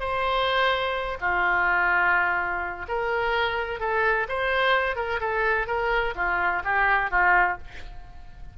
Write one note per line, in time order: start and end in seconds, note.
0.00 1.18 C5
1.21 2.86 F4
2.89 3.80 A#4
3.80 4.27 A4
4.29 4.96 C5
4.96 5.20 A#4
5.21 5.67 A4
5.67 6.15 A#4
6.16 6.63 F4
6.65 7.11 G4
7.11 7.58 F4